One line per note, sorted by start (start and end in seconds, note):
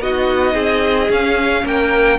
0.00 0.55 B3
0.00 1.11 D#4
0.00 0.54 F#4
0.00 1.11 D#5
0.54 1.09 C4
0.54 1.63 G#4
1.10 1.64 C#4
1.10 2.19 C#4
1.10 1.66 F5
1.64 2.19 A#3
1.64 2.19 A#4
1.64 2.19 G5